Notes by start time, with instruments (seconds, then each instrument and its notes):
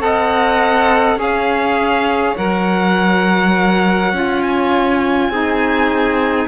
0.00 cello C4, saxophone A4, trumpet D#5, violin F#5
1.16 cello C#4, saxophone G#4, trumpet C#5, violin F5
2.37 cello F#3, saxophone A#4, violin F#5
4.13 cello C#4, saxophone F4
4.42 violin G#5
5.29 cello C4, saxophone D#4, trumpet G#4